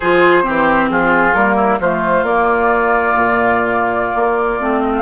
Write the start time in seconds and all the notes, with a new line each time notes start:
0.00 F3 F4 G#4 C5
0.43 E3 C4 G4
0.89 F3 F4 G#4
1.34 G3 A#3 A#4
1.56 E4
1.79 F3 A3 F4 C5
2.23 A#3 D5
3.15 A#2
4.15 A#3
4.59 A3 C4
4.82 D#5
4.97 F5